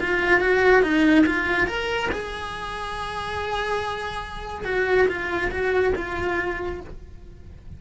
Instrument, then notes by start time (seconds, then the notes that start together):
cello
0.00 F4
0.40 F#4
0.82 D#4
1.26 F4
1.67 A#4
2.11 G#4
4.64 F#4
5.08 F4
5.51 F#4
5.95 F4